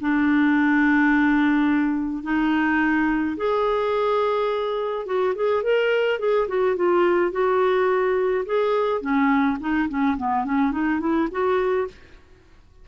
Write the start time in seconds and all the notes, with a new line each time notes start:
0.00 D4
2.23 D#4
3.36 G#4
5.06 F#4
5.35 G#4
5.63 A#4
6.19 G#4
6.48 F#4
6.76 F4
7.31 F#4
8.45 G#4
9.01 C#4
9.60 D#4
9.88 C#4
10.17 B3
10.45 C#4
10.71 D#4
11.00 E4
11.31 F#4